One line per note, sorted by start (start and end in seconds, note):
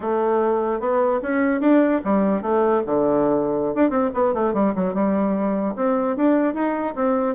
0.00 0.80 A3
0.80 1.20 B3
1.22 1.60 C#4
1.60 2.01 D4
2.04 2.42 G3
2.42 2.82 A3
2.86 3.74 D3
3.74 3.90 D4
3.90 4.10 C4
4.14 4.34 B3
4.34 4.53 A3
4.53 4.73 G3
4.75 4.94 F#3
4.94 5.74 G3
5.76 6.16 C4
6.16 6.54 D4
6.54 6.94 D#4
6.95 7.35 C4